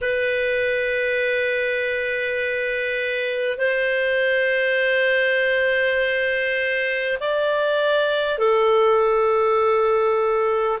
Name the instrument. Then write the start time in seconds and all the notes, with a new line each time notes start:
clarinet
0.01 B4
3.57 C5
7.20 D5
8.38 A4